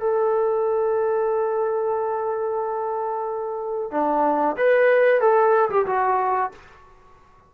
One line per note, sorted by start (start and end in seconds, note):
0.00 3.91 A4
3.91 4.56 D4
4.57 5.20 B4
5.20 5.69 A4
5.69 5.86 G4
5.86 6.51 F#4